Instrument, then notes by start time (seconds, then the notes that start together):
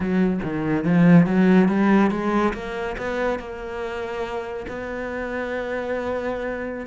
cello
0.00 F#3
0.43 D#3
0.84 F3
1.26 F#3
1.68 G3
2.10 G#3
2.53 A#3
2.97 B3
3.39 A#3
4.67 B3